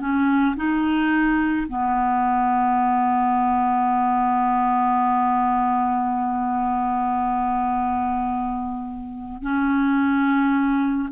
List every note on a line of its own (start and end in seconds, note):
0.00 0.56 C#4
0.56 1.67 D#4
1.68 9.42 B3
9.42 11.09 C#4